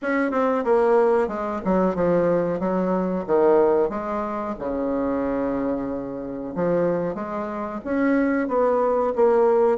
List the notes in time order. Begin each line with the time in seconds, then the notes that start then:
0.02 C#4
0.31 C4
0.64 A#3
1.27 G#3
1.64 F#3
1.95 F3
2.59 F#3
3.26 D#3
3.89 G#3
4.58 C#3
6.55 F3
7.14 G#3
7.84 C#4
8.48 B3
9.15 A#3